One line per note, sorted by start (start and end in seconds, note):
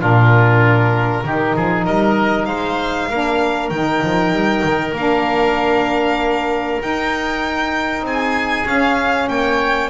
0.00 1.24 A#2
0.00 1.24 D4
0.00 1.24 F4
0.00 1.85 A#4
1.24 1.55 D#3
1.24 3.11 D#4
1.24 1.56 G4
1.56 1.87 F3
1.56 1.86 G#4
1.85 2.47 G3
1.85 2.47 A#4
1.85 2.46 D#5
2.46 3.09 G#3
2.46 3.09 C5
2.46 3.69 F5
3.10 3.71 A#3
3.10 3.72 D4
3.10 8.05 A#4
3.70 4.02 D#3
3.70 4.96 D#4
3.70 4.93 G5
4.03 4.32 F3
4.32 4.63 G3
4.64 4.92 D#3
4.92 6.78 A#3
4.92 6.81 D4
4.92 6.81 F5
6.81 8.66 D#4
6.81 8.02 D#4
6.81 8.05 G5
8.02 8.64 C4
8.02 9.30 G#4
8.02 8.68 G#5
8.66 9.28 C#4
8.66 9.90 C#4
8.66 9.29 F5
9.29 9.90 A#3
9.29 9.90 C#5
9.29 9.90 G5